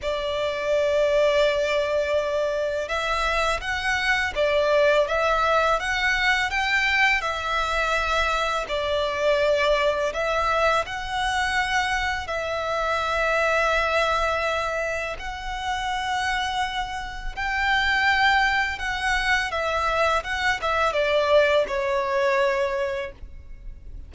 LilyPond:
\new Staff \with { instrumentName = "violin" } { \time 4/4 \tempo 4 = 83 d''1 | e''4 fis''4 d''4 e''4 | fis''4 g''4 e''2 | d''2 e''4 fis''4~ |
fis''4 e''2.~ | e''4 fis''2. | g''2 fis''4 e''4 | fis''8 e''8 d''4 cis''2 | }